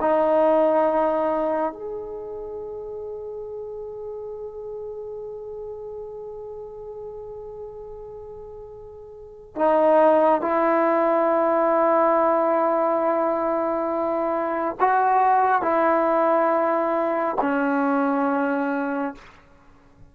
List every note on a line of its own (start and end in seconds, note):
0.00 1.73 D#4
1.73 9.55 G#4
9.55 10.41 D#4
10.41 14.76 E4
14.79 15.62 F#4
15.62 17.36 E4
17.41 19.15 C#4